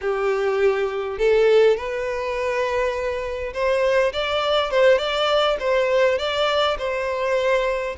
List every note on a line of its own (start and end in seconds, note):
0.01 1.18 G4
1.18 1.76 A4
1.76 3.53 B4
3.53 4.12 C5
4.12 4.70 D5
4.70 4.97 C5
4.97 5.56 D5
5.59 6.18 C5
6.18 6.77 D5
6.78 7.96 C5